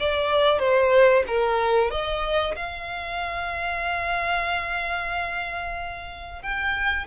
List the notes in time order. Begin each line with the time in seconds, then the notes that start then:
0.00 D5
0.59 C5
1.27 A#4
1.91 D#5
2.56 F5
6.43 G5